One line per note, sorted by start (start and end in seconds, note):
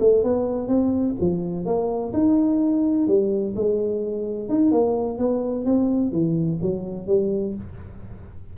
0.00 0.23 A3
0.23 0.68 B3
0.68 1.15 C4
1.20 1.66 F3
1.66 2.13 A#3
2.13 3.08 D#4
3.08 3.55 G3
3.56 4.49 G#3
4.49 4.72 D#4
4.72 5.18 A#3
5.18 5.65 B3
5.65 6.12 C4
6.12 6.59 E3
6.62 7.07 F#3
7.07 7.55 G3